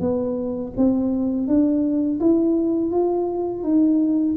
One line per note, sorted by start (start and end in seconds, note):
0.00 0.72 B3
0.77 1.47 C4
1.47 2.19 D4
2.20 2.91 E4
2.91 3.63 F4
3.63 4.35 D#4